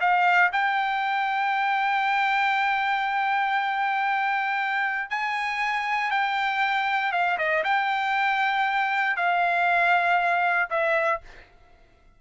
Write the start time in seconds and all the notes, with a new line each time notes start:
0.00 F5
0.52 G5
5.10 G#5
6.11 G5
7.12 F5
7.38 D#5
7.64 G5
9.16 F5
10.70 E5